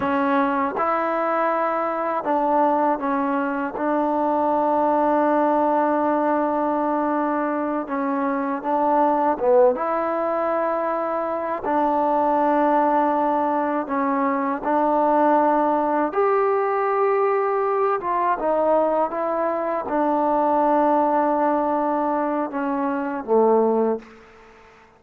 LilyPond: \new Staff \with { instrumentName = "trombone" } { \time 4/4 \tempo 4 = 80 cis'4 e'2 d'4 | cis'4 d'2.~ | d'2~ d'8 cis'4 d'8~ | d'8 b8 e'2~ e'8 d'8~ |
d'2~ d'8 cis'4 d'8~ | d'4. g'2~ g'8 | f'8 dis'4 e'4 d'4.~ | d'2 cis'4 a4 | }